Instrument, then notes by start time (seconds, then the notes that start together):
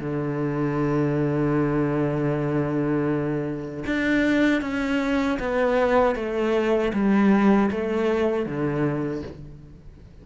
cello
0.00 D3
3.86 D4
4.62 C#4
5.40 B3
6.16 A3
6.93 G3
7.71 A3
8.46 D3